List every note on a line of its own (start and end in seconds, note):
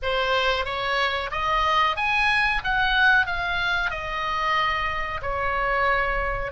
0.02 0.65 C5
0.65 1.30 C#5
1.31 1.96 D#5
1.96 2.61 G#5
2.64 3.26 F#5
3.26 3.90 F5
3.90 5.21 D#5
5.22 6.52 C#5